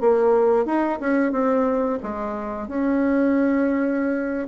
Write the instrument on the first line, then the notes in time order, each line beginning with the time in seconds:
bassoon
0.00 A#3
0.65 D#4
1.00 C#4
1.32 C4
2.02 G#3
2.68 C#4